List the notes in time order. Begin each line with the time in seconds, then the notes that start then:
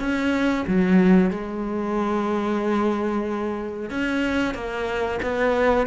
0.00 C#4
0.67 F#3
1.31 G#3
3.90 C#4
4.54 A#3
5.23 B3